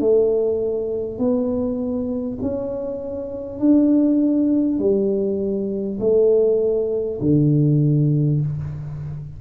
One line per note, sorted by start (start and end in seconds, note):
0.00 1.18 A3
1.18 2.38 B3
2.42 3.59 C#4
3.59 4.79 D4
4.79 5.99 G3
6.01 7.21 A3
7.21 8.41 D3